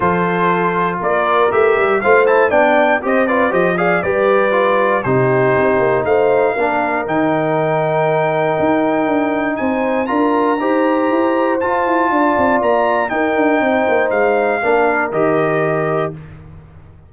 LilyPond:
<<
  \new Staff \with { instrumentName = "trumpet" } { \time 4/4 \tempo 4 = 119 c''2 d''4 e''4 | f''8 a''8 g''4 dis''8 d''8 dis''8 f''8 | d''2 c''2 | f''2 g''2~ |
g''2. gis''4 | ais''2. a''4~ | a''4 ais''4 g''2 | f''2 dis''2 | }
  \new Staff \with { instrumentName = "horn" } { \time 4/4 a'2 ais'2 | c''4 d''4 c''8 b'8 c''8 d''8 | b'2 g'2 | c''4 ais'2.~ |
ais'2. c''4 | ais'4 c''2. | d''2 ais'4 c''4~ | c''4 ais'2. | }
  \new Staff \with { instrumentName = "trombone" } { \time 4/4 f'2. g'4 | f'8 e'8 d'4 g'8 f'8 g'8 gis'8 | g'4 f'4 dis'2~ | dis'4 d'4 dis'2~ |
dis'1 | f'4 g'2 f'4~ | f'2 dis'2~ | dis'4 d'4 g'2 | }
  \new Staff \with { instrumentName = "tuba" } { \time 4/4 f2 ais4 a8 g8 | a4 b4 c'4 f4 | g2 c4 c'8 ais8 | a4 ais4 dis2~ |
dis4 dis'4 d'4 c'4 | d'4 dis'4 e'4 f'8 e'8 | d'8 c'8 ais4 dis'8 d'8 c'8 ais8 | gis4 ais4 dis2 | }
>>